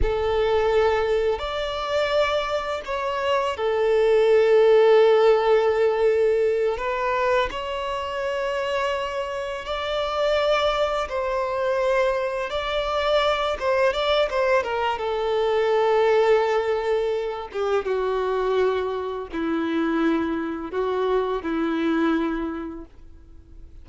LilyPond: \new Staff \with { instrumentName = "violin" } { \time 4/4 \tempo 4 = 84 a'2 d''2 | cis''4 a'2.~ | a'4. b'4 cis''4.~ | cis''4. d''2 c''8~ |
c''4. d''4. c''8 d''8 | c''8 ais'8 a'2.~ | a'8 g'8 fis'2 e'4~ | e'4 fis'4 e'2 | }